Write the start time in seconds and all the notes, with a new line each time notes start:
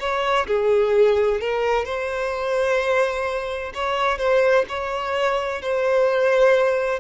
0.00 C#5
0.47 G#4
1.41 A#4
1.85 C5
3.75 C#5
4.19 C5
4.69 C#5
5.62 C5